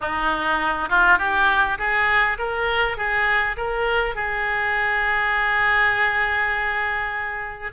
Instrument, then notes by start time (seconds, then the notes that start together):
oboe
0.01 D#4
0.89 F4
1.18 G4
1.78 G#4
2.38 A#4
2.97 G#4
3.56 A#4
4.15 G#4